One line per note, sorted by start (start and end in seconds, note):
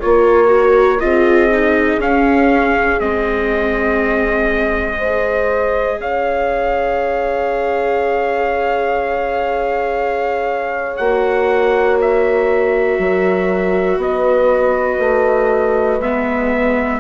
0.00 1.03 A#3
0.00 0.48 F4
0.00 1.00 A#4
0.00 1.01 C#5
0.48 0.98 F#4
1.01 1.98 C4
1.01 1.51 F4
1.01 4.99 G#4
1.01 2.01 D#5
1.52 2.01 D#4
1.98 2.98 C#4
1.98 3.01 C#4
1.98 3.00 F5
3.00 6.00 G#3
3.00 5.01 C4
3.00 6.00 D#5
4.99 5.99 C5
5.05 11.01 G#4
6.00 10.99 C#4
6.00 13.01 C#5
6.00 10.97 F5
10.97 12.99 A#3
10.97 16.01 F#4
10.97 11.97 F#5
12.01 14.01 E5
12.99 13.98 F#3
12.99 14.01 A#4
13.98 14.98 B3
13.98 17.00 B4
13.98 16.02 D#5
14.99 15.99 A3
16.00 17.00 G#3
16.00 17.00 B3
16.00 17.00 E5